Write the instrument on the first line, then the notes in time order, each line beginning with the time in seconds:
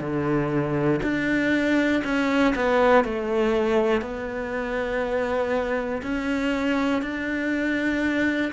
cello
0.00 D3
1.03 D4
2.04 C#4
2.55 B3
3.05 A3
4.01 B3
6.02 C#4
7.02 D4